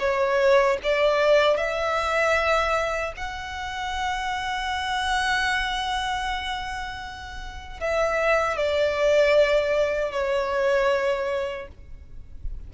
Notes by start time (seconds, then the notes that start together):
0.00 C#5
0.84 D5
1.58 E5
3.17 F#5
7.81 E5
8.57 D5
10.12 C#5